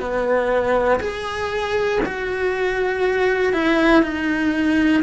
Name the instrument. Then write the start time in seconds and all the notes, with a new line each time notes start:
cello
0.00 B3
1.00 G#4
2.05 F#4
3.53 E4
4.02 D#4